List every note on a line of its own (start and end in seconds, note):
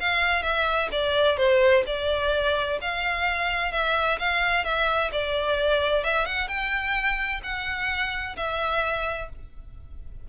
0.00 0.42 F5
0.42 0.89 E5
0.92 1.37 D5
1.37 1.84 C5
1.86 2.79 D5
2.81 3.72 F5
3.72 4.18 E5
4.19 4.64 F5
4.64 5.11 E5
5.12 6.04 D5
6.04 6.25 E5
6.25 6.48 F#5
6.48 7.41 G5
7.43 8.36 F#5
8.36 9.29 E5